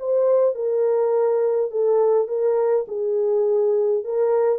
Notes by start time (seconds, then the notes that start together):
0.00 C5
0.55 A#4
1.71 A4
2.28 A#4
2.88 G#4
4.05 A#4